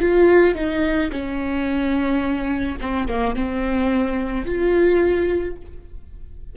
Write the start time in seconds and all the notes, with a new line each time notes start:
0.00 F4
0.55 D#4
1.12 C#4
2.81 C4
3.08 A#3
3.35 C4
4.45 F4